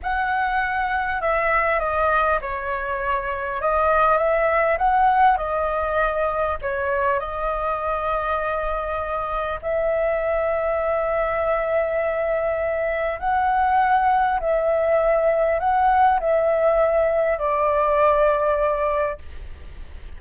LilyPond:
\new Staff \with { instrumentName = "flute" } { \time 4/4 \tempo 4 = 100 fis''2 e''4 dis''4 | cis''2 dis''4 e''4 | fis''4 dis''2 cis''4 | dis''1 |
e''1~ | e''2 fis''2 | e''2 fis''4 e''4~ | e''4 d''2. | }